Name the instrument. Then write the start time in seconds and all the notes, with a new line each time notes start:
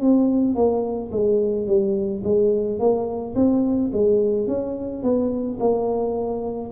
tuba
0.00 C4
0.55 A#3
1.11 G#3
1.67 G3
2.24 G#3
2.79 A#3
3.35 C4
3.92 G#3
4.47 C#4
5.03 B3
5.60 A#3